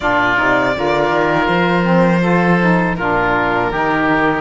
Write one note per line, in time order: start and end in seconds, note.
0.00 0.37 A#2
0.00 0.36 D4
0.00 0.75 F4
0.00 1.46 D5
0.36 0.77 C3
0.36 0.73 D#4
0.74 1.10 D3
0.74 1.82 F4
0.74 2.22 A#4
1.10 1.47 D#3
1.46 2.96 F3
1.46 2.94 C5
1.82 2.19 C4
2.22 2.59 F4
2.22 2.96 A4
2.60 2.97 D#4
2.95 3.70 A#2
2.95 3.73 D4
2.95 3.71 F4
2.95 4.41 A#4
3.70 4.41 D#3
3.70 4.41 D#4
3.70 4.41 G4